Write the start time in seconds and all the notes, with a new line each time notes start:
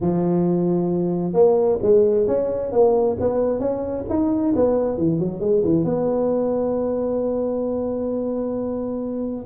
0.00 F3
1.33 A#3
1.82 G#3
2.27 C#4
2.71 A#3
3.20 B3
3.59 C#4
4.09 D#4
4.55 B3
4.97 E3
5.19 F#3
5.40 G#3
5.64 E3
5.84 B3